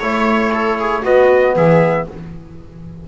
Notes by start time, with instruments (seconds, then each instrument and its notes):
0.00 double bass A3, trombone E4, viola C#5, trumpet C#5
0.54 viola A4
0.80 viola G#4
1.02 trombone B3, double bass B3, viola F#4, trumpet D#5
1.56 double bass E3, viola G#4, trumpet E5